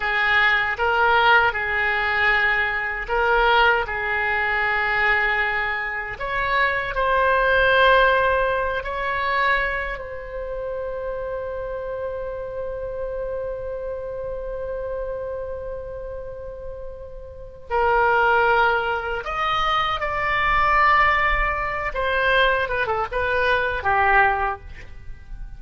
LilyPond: \new Staff \with { instrumentName = "oboe" } { \time 4/4 \tempo 4 = 78 gis'4 ais'4 gis'2 | ais'4 gis'2. | cis''4 c''2~ c''8 cis''8~ | cis''4 c''2.~ |
c''1~ | c''2. ais'4~ | ais'4 dis''4 d''2~ | d''8 c''4 b'16 a'16 b'4 g'4 | }